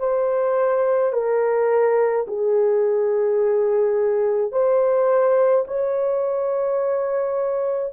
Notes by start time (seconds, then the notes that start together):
0.00 C5
1.13 A#4
2.27 G#4
4.52 C5
5.68 C#5